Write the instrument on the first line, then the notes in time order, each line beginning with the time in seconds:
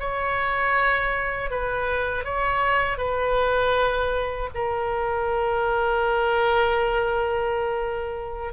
oboe
0.00 C#5
1.51 B4
2.25 C#5
2.98 B4
4.55 A#4